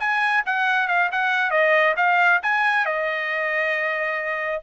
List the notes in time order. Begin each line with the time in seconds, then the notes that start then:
0.00 G#5
0.46 F#5
0.88 F5
1.12 F#5
1.51 D#5
1.97 F5
2.43 G#5
2.85 D#5